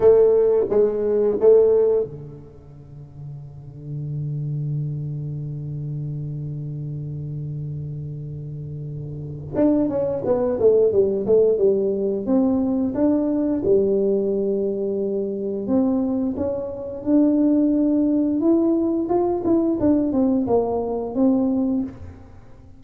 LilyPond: \new Staff \with { instrumentName = "tuba" } { \time 4/4 \tempo 4 = 88 a4 gis4 a4 d4~ | d1~ | d1~ | d2 d'8 cis'8 b8 a8 |
g8 a8 g4 c'4 d'4 | g2. c'4 | cis'4 d'2 e'4 | f'8 e'8 d'8 c'8 ais4 c'4 | }